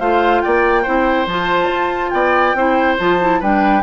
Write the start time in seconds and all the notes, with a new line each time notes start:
0.00 A3 F4 C5 F5
0.42 A#3 D5 G5
0.83 C4 E4 C5
1.27 F3 F4 A5
1.71 F4
2.11 B3 D5 G5
2.55 C4 E4 C5
2.99 F3 F4 A5
3.22 E4
3.40 G3 D4 B4 G5